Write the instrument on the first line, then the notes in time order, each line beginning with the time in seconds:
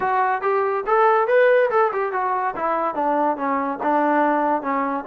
trombone
0.00 F#4
0.41 G4
0.86 A4
1.27 B4
1.70 A4
1.92 G4
2.12 F#4
2.56 E4
2.94 D4
3.36 C#4
3.82 D4
4.62 C#4